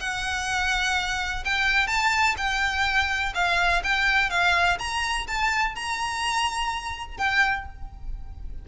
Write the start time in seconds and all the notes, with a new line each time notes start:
0.00 F#5
1.45 G5
1.87 A5
2.37 G5
3.35 F5
3.84 G5
4.30 F5
4.79 A#5
5.27 A5
5.75 A#5
7.17 G5